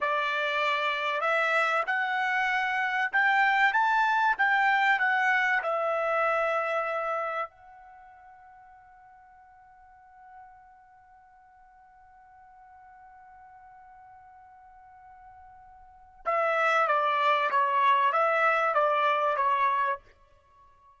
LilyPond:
\new Staff \with { instrumentName = "trumpet" } { \time 4/4 \tempo 4 = 96 d''2 e''4 fis''4~ | fis''4 g''4 a''4 g''4 | fis''4 e''2. | fis''1~ |
fis''1~ | fis''1~ | fis''2 e''4 d''4 | cis''4 e''4 d''4 cis''4 | }